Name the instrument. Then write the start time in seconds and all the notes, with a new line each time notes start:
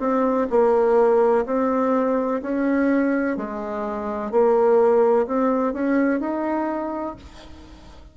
bassoon
0.00 C4
0.51 A#3
1.46 C4
2.42 C#4
3.37 G#3
4.32 A#3
5.27 C4
5.74 C#4
6.21 D#4